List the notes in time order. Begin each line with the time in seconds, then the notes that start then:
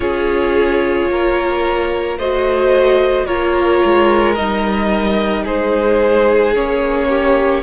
0.00 C#4 F4 G#4 C#5
1.08 A#3 A#4
2.17 A3 F#4 C5 D#5
3.25 A#3 F4 A#4 C#5
3.85 G#3
4.35 G3 D#4 D#5
5.44 G#3 G#4 C5
6.54 A#3 C#4 C#5
7.08 G4